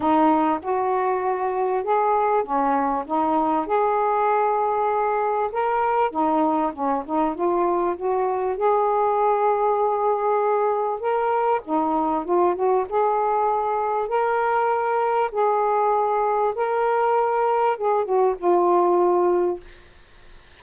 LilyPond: \new Staff \with { instrumentName = "saxophone" } { \time 4/4 \tempo 4 = 98 dis'4 fis'2 gis'4 | cis'4 dis'4 gis'2~ | gis'4 ais'4 dis'4 cis'8 dis'8 | f'4 fis'4 gis'2~ |
gis'2 ais'4 dis'4 | f'8 fis'8 gis'2 ais'4~ | ais'4 gis'2 ais'4~ | ais'4 gis'8 fis'8 f'2 | }